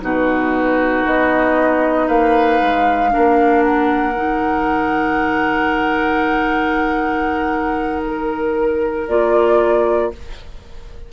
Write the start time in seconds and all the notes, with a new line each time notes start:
0.00 B2 D#4 F#4 B4
1.05 B3 D#5
2.07 A#3 B4 F5
2.61 G#3
3.09 D4 A#4
3.16 A#3
3.62 F#5
4.15 D#3 D#4
8.06 A#4
9.08 A#3 F4 D5